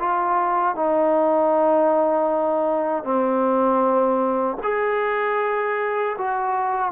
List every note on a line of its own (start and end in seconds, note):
0.00 0.76 F4
0.76 3.04 D#4
3.04 4.58 C4
4.63 6.17 G#4
6.18 6.92 F#4